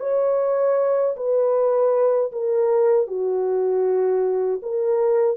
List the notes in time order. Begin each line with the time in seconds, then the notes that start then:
0.00 C#5
1.16 B4
2.32 A#4
3.07 F#4
4.62 A#4